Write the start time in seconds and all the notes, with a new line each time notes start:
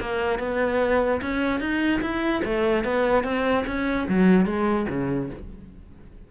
0.00 A#3
0.39 B3
1.21 C#4
1.60 D#4
2.01 E4
2.44 A3
2.84 B3
3.24 C4
3.66 C#4
4.08 F#3
4.46 G#3
4.89 C#3